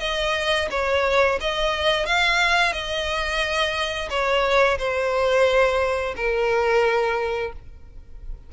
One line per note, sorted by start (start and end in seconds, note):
0.00 0.68 D#5
0.71 1.39 C#5
1.40 2.06 D#5
2.06 2.72 F5
2.72 4.09 D#5
4.10 4.78 C#5
4.79 6.15 C5
6.16 7.52 A#4